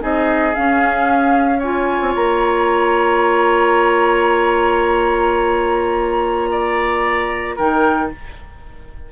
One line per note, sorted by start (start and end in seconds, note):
0.00 0.56 C4
0.00 0.53 D#4
0.00 1.59 G#4
0.00 0.54 D#5
0.54 1.62 C#4
0.54 2.01 C#4
0.54 1.60 F5
1.59 7.58 F4
1.59 6.50 C#5
1.59 2.14 G#5
2.01 2.14 C4
2.15 7.58 A#3
2.15 7.58 A#5
6.51 7.56 D5
7.56 8.11 D#3
7.56 8.12 D#4
7.56 8.09 A#4
7.56 8.11 G5